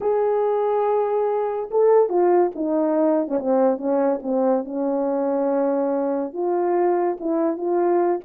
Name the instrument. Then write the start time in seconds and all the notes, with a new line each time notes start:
horn
0.00 G#4
1.71 A4
2.09 F4
2.55 D#4
3.28 C#4
3.39 C4
3.77 C#4
4.22 C4
4.64 C#4
6.33 F4
7.20 E4
7.57 F4